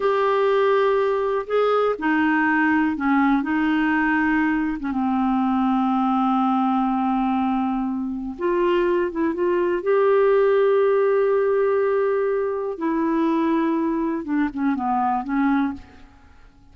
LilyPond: \new Staff \with { instrumentName = "clarinet" } { \time 4/4 \tempo 4 = 122 g'2. gis'4 | dis'2 cis'4 dis'4~ | dis'4.~ dis'16 cis'16 c'2~ | c'1~ |
c'4 f'4. e'8 f'4 | g'1~ | g'2 e'2~ | e'4 d'8 cis'8 b4 cis'4 | }